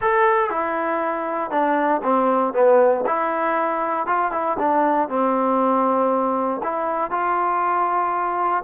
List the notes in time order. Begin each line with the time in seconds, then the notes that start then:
0.01 A4
0.50 E4
1.50 D4
2.03 C4
2.53 B3
3.06 E4
4.06 F4
4.31 E4
4.58 D4
5.08 C4
6.63 E4
7.10 F4